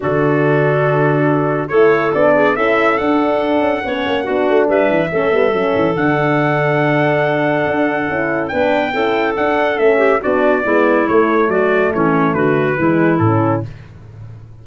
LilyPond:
<<
  \new Staff \with { instrumentName = "trumpet" } { \time 4/4 \tempo 4 = 141 a'1 | cis''4 d''4 e''4 fis''4~ | fis''2. e''4~ | e''2 fis''2~ |
fis''1 | g''2 fis''4 e''4 | d''2 cis''4 d''4 | cis''4 b'2 a'4 | }
  \new Staff \with { instrumentName = "clarinet" } { \time 4/4 fis'1 | a'4. gis'8 a'2~ | a'4 cis''4 fis'4 b'4 | a'1~ |
a'1 | b'4 a'2~ a'8 g'8 | fis'4 e'2 fis'4 | cis'4 fis'4 e'2 | }
  \new Staff \with { instrumentName = "horn" } { \time 4/4 d'1 | e'4 d'4 e'4 d'4~ | d'4 cis'4 d'2 | cis'8 b8 cis'4 d'2~ |
d'2. e'4 | d'4 e'4 d'4 cis'4 | d'4 b4 a2~ | a2 gis4 cis'4 | }
  \new Staff \with { instrumentName = "tuba" } { \time 4/4 d1 | a4 b4 cis'4 d'4~ | d'8 cis'8 b8 ais8 b8 a8 g8 e8 | a8 g8 fis8 e8 d2~ |
d2 d'4 cis'4 | b4 cis'4 d'4 a4 | b4 gis4 a4 fis4 | e4 d4 e4 a,4 | }
>>